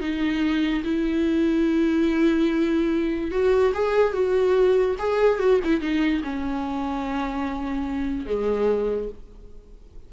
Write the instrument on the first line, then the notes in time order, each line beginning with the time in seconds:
viola
0.00 D#4
0.84 E4
3.31 F#4
3.74 G#4
4.13 F#4
4.99 G#4
5.39 F#4
5.64 E4
5.80 D#4
6.23 C#4
8.26 G#3